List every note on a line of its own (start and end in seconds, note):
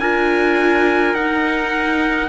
0.00 1.14 D4
0.00 1.17 F4
0.00 2.29 A#4
0.00 1.15 G#5
1.14 2.29 D#4
1.14 2.29 F#5